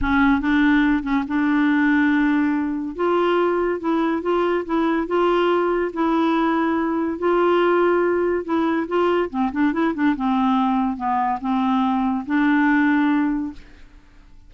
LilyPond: \new Staff \with { instrumentName = "clarinet" } { \time 4/4 \tempo 4 = 142 cis'4 d'4. cis'8 d'4~ | d'2. f'4~ | f'4 e'4 f'4 e'4 | f'2 e'2~ |
e'4 f'2. | e'4 f'4 c'8 d'8 e'8 d'8 | c'2 b4 c'4~ | c'4 d'2. | }